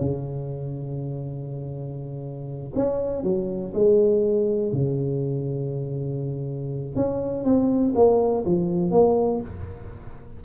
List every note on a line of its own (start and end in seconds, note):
0.00 2.73 C#3
2.75 3.23 C#4
3.23 3.73 F#3
3.74 4.72 G#3
4.72 6.95 C#3
6.95 7.44 C#4
7.44 7.93 C4
7.95 8.44 A#3
8.45 8.91 F3
8.91 9.41 A#3